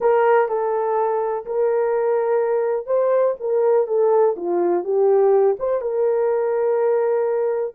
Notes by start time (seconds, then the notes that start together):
0.00 A#4
0.48 A4
1.45 A#4
2.86 C5
3.40 A#4
3.87 A4
4.36 F4
4.84 G4
5.59 C5
5.81 A#4